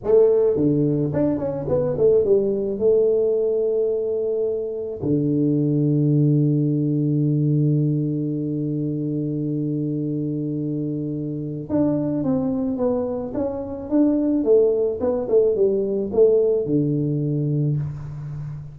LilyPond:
\new Staff \with { instrumentName = "tuba" } { \time 4/4 \tempo 4 = 108 a4 d4 d'8 cis'8 b8 a8 | g4 a2.~ | a4 d2.~ | d1~ |
d1~ | d4 d'4 c'4 b4 | cis'4 d'4 a4 b8 a8 | g4 a4 d2 | }